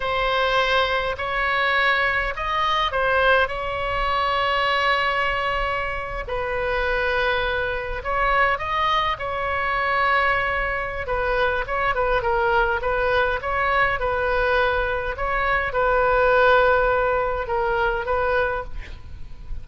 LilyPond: \new Staff \with { instrumentName = "oboe" } { \time 4/4 \tempo 4 = 103 c''2 cis''2 | dis''4 c''4 cis''2~ | cis''2~ cis''8. b'4~ b'16~ | b'4.~ b'16 cis''4 dis''4 cis''16~ |
cis''2. b'4 | cis''8 b'8 ais'4 b'4 cis''4 | b'2 cis''4 b'4~ | b'2 ais'4 b'4 | }